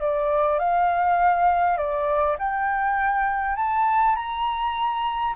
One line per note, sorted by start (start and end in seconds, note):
0.00 0.59 D5
0.59 1.77 F5
1.77 2.37 D5
2.38 3.56 G5
3.56 4.15 A5
4.16 5.34 A#5